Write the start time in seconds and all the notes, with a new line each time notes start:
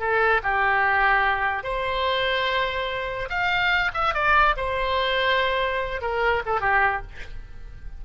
0.00 A4
0.43 G4
1.64 C5
3.30 F5
3.94 E5
4.14 D5
4.57 C5
6.02 A#4
6.46 A4
6.61 G4